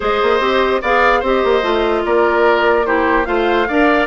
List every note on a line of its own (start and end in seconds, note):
0.00 0.21 G#3
0.00 0.40 G#4
0.00 0.81 C5
0.00 0.83 D#5
0.22 0.40 A#3
0.40 0.81 C4
0.40 0.80 G4
0.81 1.22 B3
0.81 1.23 G#4
0.81 1.20 D5
0.81 1.23 F5
1.20 1.43 C4
1.20 1.62 G4
1.20 2.01 C5
1.20 2.05 D#5
1.44 1.62 A#3
1.62 2.03 A3
1.62 2.85 F4
2.05 3.27 A#3
2.05 2.86 A#4
2.05 2.86 D5
2.85 3.25 E4
2.85 3.27 G4
2.85 3.24 C5
3.24 3.68 A3
3.24 3.66 F4
3.24 3.68 C5
3.24 4.06 F5
3.68 4.07 D4
3.68 4.07 A#4
3.68 4.07 D5